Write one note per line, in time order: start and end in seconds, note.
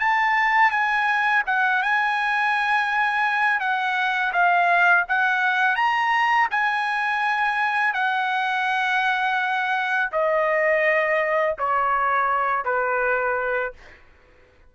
0.00 0.71 A5
0.71 1.43 G#5
1.47 1.83 F#5
1.83 3.60 G#5
3.60 4.33 F#5
4.33 5.05 F5
5.09 5.76 F#5
5.76 6.49 A#5
6.51 7.94 G#5
7.94 10.11 F#5
10.12 11.57 D#5
11.59 12.65 C#5
12.65 13.74 B4